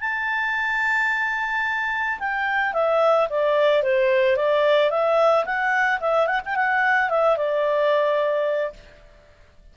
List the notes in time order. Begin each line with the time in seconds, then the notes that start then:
0.00 A5
2.19 G5
2.73 E5
3.29 D5
3.82 C5
4.36 D5
4.90 E5
5.45 F#5
6.00 E5
6.27 F#5
6.45 G5
6.55 F#5
7.09 E5
7.37 D5